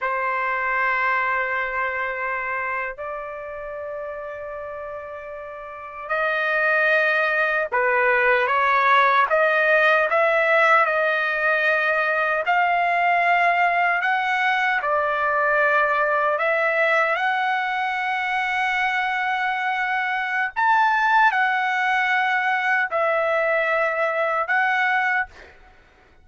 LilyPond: \new Staff \with { instrumentName = "trumpet" } { \time 4/4 \tempo 4 = 76 c''2.~ c''8. d''16~ | d''2.~ d''8. dis''16~ | dis''4.~ dis''16 b'4 cis''4 dis''16~ | dis''8. e''4 dis''2 f''16~ |
f''4.~ f''16 fis''4 d''4~ d''16~ | d''8. e''4 fis''2~ fis''16~ | fis''2 a''4 fis''4~ | fis''4 e''2 fis''4 | }